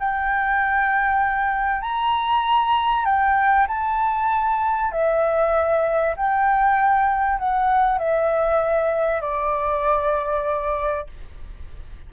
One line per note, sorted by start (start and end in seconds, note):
0.00 1.82 G5
1.82 3.05 A#5
3.05 3.67 G5
3.68 4.92 A5
4.92 6.15 E5
6.17 7.39 G5
7.39 7.99 F#5
7.99 9.21 E5
9.21 11.07 D5